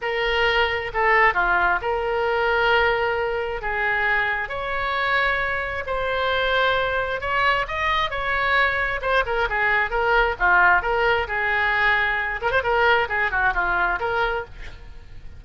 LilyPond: \new Staff \with { instrumentName = "oboe" } { \time 4/4 \tempo 4 = 133 ais'2 a'4 f'4 | ais'1 | gis'2 cis''2~ | cis''4 c''2. |
cis''4 dis''4 cis''2 | c''8 ais'8 gis'4 ais'4 f'4 | ais'4 gis'2~ gis'8 ais'16 c''16 | ais'4 gis'8 fis'8 f'4 ais'4 | }